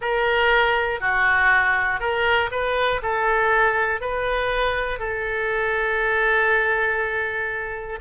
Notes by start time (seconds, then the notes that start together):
0.01 A#4
1.00 F#4
2.00 A#4
2.51 B4
3.02 A4
4.00 B4
4.99 A4